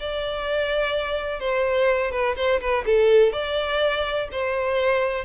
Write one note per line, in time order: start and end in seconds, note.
0.00 1.40 D5
1.40 2.12 C5
2.12 2.36 B4
2.36 2.60 C5
2.61 2.85 B4
2.86 3.33 A4
3.33 4.29 D5
4.32 5.25 C5